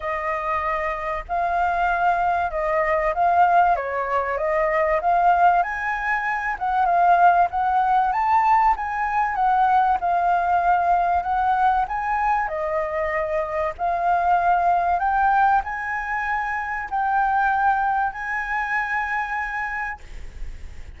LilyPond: \new Staff \with { instrumentName = "flute" } { \time 4/4 \tempo 4 = 96 dis''2 f''2 | dis''4 f''4 cis''4 dis''4 | f''4 gis''4. fis''8 f''4 | fis''4 a''4 gis''4 fis''4 |
f''2 fis''4 gis''4 | dis''2 f''2 | g''4 gis''2 g''4~ | g''4 gis''2. | }